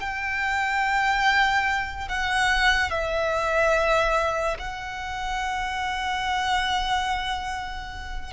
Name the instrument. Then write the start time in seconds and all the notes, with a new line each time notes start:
violin
0.00 G5
2.08 F#5
2.91 E5
4.59 F#5